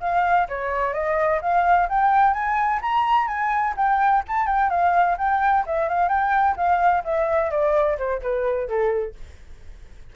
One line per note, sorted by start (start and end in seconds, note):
0.00 0.47 F5
0.48 0.93 C#5
0.93 1.40 D#5
1.41 1.88 F5
1.89 2.33 G5
2.33 2.80 G#5
2.81 3.27 A#5
3.27 3.74 G#5
3.76 4.23 G5
4.28 4.46 A5
4.46 4.70 G5
4.70 5.17 F5
5.18 5.64 G5
5.66 5.88 E5
5.88 6.08 F5
6.08 6.55 G5
6.56 7.03 F5
7.04 7.50 E5
7.50 7.97 D5
7.98 8.21 C5
8.22 8.68 B4
8.68 9.15 A4